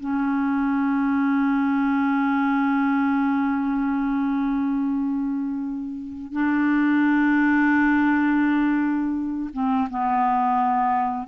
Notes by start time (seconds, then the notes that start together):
0.00 C#4
6.32 D4
9.53 C4
9.90 B3